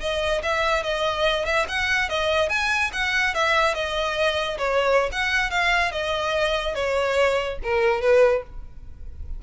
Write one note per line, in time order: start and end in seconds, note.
0.00 0.42 D#5
0.43 0.84 E5
0.84 1.45 D#5
1.45 1.66 E5
1.69 2.09 F#5
2.09 2.49 D#5
2.49 2.91 G#5
2.93 3.35 F#5
3.35 3.75 E5
3.75 4.58 D#5
4.58 5.10 C#5
5.12 5.51 F#5
5.51 5.92 F5
5.92 6.75 D#5
6.75 7.59 C#5
7.63 8.02 A#4
8.02 8.43 B4